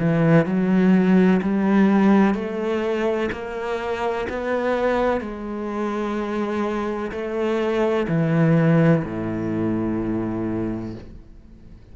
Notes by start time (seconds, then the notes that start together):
0.00 E3
0.46 F#3
1.42 G3
2.35 A3
3.32 A#3
4.30 B3
5.21 G#3
7.12 A3
8.09 E3
9.05 A2